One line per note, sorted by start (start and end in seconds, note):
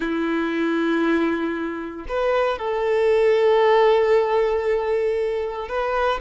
0.00 2.05 E4
2.08 2.58 B4
2.58 5.68 A4
5.68 6.20 B4